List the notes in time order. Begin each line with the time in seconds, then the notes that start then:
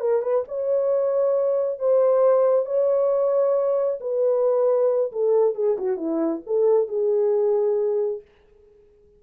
0.00 A#4
0.22 B4
0.48 C#5
1.79 C5
2.65 C#5
4.00 B4
5.12 A4
5.55 G#4
5.78 F#4
5.97 E4
6.46 A4
6.88 G#4